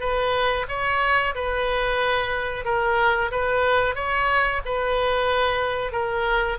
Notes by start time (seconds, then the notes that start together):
0.00 B4
0.68 C#5
1.35 B4
2.65 A#4
3.31 B4
3.95 C#5
4.65 B4
5.92 A#4